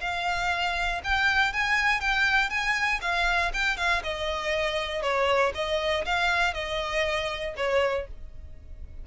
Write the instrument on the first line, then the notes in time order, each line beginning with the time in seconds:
violin
0.00 F5
1.03 G5
1.52 G#5
2.00 G5
2.49 G#5
3.01 F5
3.53 G5
3.77 F5
4.03 D#5
5.02 C#5
5.54 D#5
6.05 F5
6.54 D#5
7.56 C#5